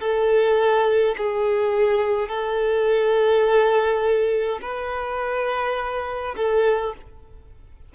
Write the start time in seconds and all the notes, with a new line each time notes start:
0.00 A4
1.17 G#4
2.28 A4
4.62 B4
6.36 A4